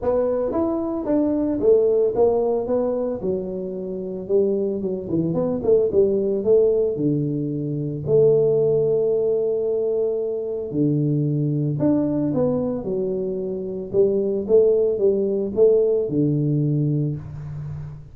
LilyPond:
\new Staff \with { instrumentName = "tuba" } { \time 4/4 \tempo 4 = 112 b4 e'4 d'4 a4 | ais4 b4 fis2 | g4 fis8 e8 b8 a8 g4 | a4 d2 a4~ |
a1 | d2 d'4 b4 | fis2 g4 a4 | g4 a4 d2 | }